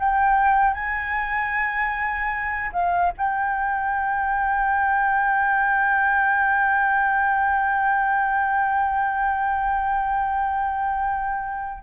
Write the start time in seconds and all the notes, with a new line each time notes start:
0.00 G5
0.74 G#5
2.73 F5
3.18 G5